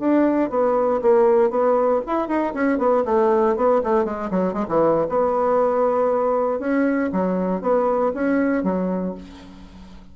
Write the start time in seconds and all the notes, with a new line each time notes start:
0.00 D4
0.50 B3
1.02 A#3
1.51 B3
2.07 E4
2.28 D#4
2.54 C#4
2.79 B3
3.06 A3
3.57 B3
3.84 A3
4.05 G#3
4.31 F#3
4.54 G#3
4.69 E3
5.10 B3
6.60 C#4
7.13 F#3
7.62 B3
8.15 C#4
8.64 F#3